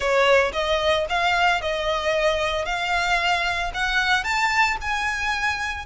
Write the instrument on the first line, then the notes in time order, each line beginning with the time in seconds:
violin
0.00 C#5
0.53 D#5
1.09 F5
1.61 D#5
2.65 F5
3.74 F#5
4.23 A5
4.81 G#5